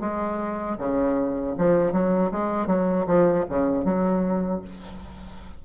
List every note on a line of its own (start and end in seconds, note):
0.00 0.77 G#3
0.78 1.55 C#3
1.58 1.92 F3
1.92 2.30 F#3
2.31 2.66 G#3
2.66 3.05 F#3
3.06 3.45 F3
3.49 3.84 C#3
3.84 4.61 F#3